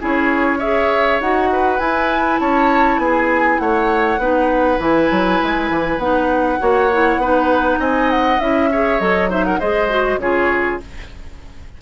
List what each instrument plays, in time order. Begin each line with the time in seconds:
0.00 bassoon C#4, clarinet E4, oboe G#4, flute C#5
0.59 clarinet G#4, oboe C#5, flute E5
1.21 bassoon D#4, clarinet F#4, flute F#5
1.53 oboe B4
1.80 bassoon E4, clarinet E4, flute G#5
2.40 bassoon C#4, oboe C#5, flute A5
2.98 bassoon B3, oboe G#4, flute G#5
3.59 bassoon A3, oboe C#5, flute F#5
4.19 bassoon B3, clarinet D#4, oboe B4
4.79 bassoon E3, clarinet E4, flute G#5
5.11 bassoon F#3
5.43 bassoon G#3
5.70 bassoon E3
5.99 bassoon B3, clarinet D#4, flute F#5
6.60 bassoon A#3, clarinet F#4, oboe C#5
6.93 clarinet E4
7.18 bassoon B3, clarinet D#4, oboe B4
7.79 bassoon C4, oboe D#5, flute G#5
8.11 flute F#5
8.40 bassoon C#4, clarinet E4, flute E5
8.72 clarinet G#4, oboe C#5
9.00 bassoon F#3, clarinet A4, flute D#5
9.30 clarinet D#4, oboe C5, flute E5
9.45 oboe A#4, flute F#5
9.60 bassoon G#3, clarinet G#4, oboe C5, flute D#5
9.90 clarinet F#4
10.17 bassoon C#3, clarinet F4, oboe G#4, flute C#5